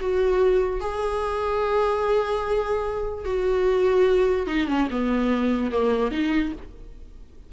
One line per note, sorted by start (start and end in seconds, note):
0.00 0.80 F#4
0.80 3.25 G#4
3.25 4.47 F#4
4.47 4.67 D#4
4.68 4.88 C#4
4.90 5.71 B3
5.71 6.11 A#3
6.11 6.52 D#4